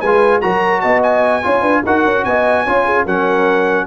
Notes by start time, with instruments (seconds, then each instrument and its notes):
0.00 tuba G#3, trombone F4, horn B4, trumpet G#5
0.41 tuba F#3, trombone F#4, horn A#4, trumpet A#5
0.80 tuba B3, horn D#5, trumpet A5
1.03 trumpet G#5
1.43 tuba C#4, trombone F4, horn C#5
1.61 tuba D4, horn B4
1.86 tuba D#4, trombone F#4, horn A#4, trumpet F#5
2.05 tuba C#4
2.25 tuba B3, horn D#5, trumpet G#5
2.64 tuba C#4, trombone F4, horn C#5
2.85 horn G#4
3.05 tuba F#3, trombone C#4, horn A#4, trumpet F#5